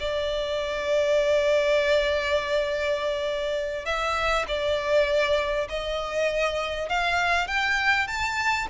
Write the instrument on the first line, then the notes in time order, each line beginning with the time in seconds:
violin
0.00 D5
3.85 E5
4.48 D5
5.69 D#5
6.89 F5
7.48 G5
8.08 A5